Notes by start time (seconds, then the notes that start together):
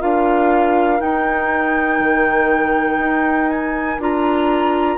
0.00 D4 F4 A#4 F5
1.00 D#4 G5
2.00 D#3
2.99 D#4
3.50 G#5
3.99 D4 F4 A#5